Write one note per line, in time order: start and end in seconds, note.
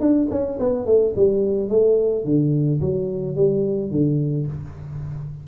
0.00 0.28 D4
0.30 0.58 C#4
0.59 0.86 B3
0.86 1.13 A3
1.16 1.69 G3
1.69 2.24 A3
2.24 2.80 D3
2.80 3.36 F#3
3.36 3.91 G3
3.91 4.46 D3